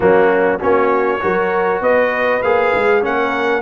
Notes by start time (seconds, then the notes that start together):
0.00 F#3 A#3 C#4 F#4
0.59 A#3 C#4 F#4 C#5
1.20 F#3 F#4 A#4
1.80 B3 B4 D#5
2.42 A#3 G#4 F5
2.74 G#3
3.01 A#3 C#4 A#4 F#5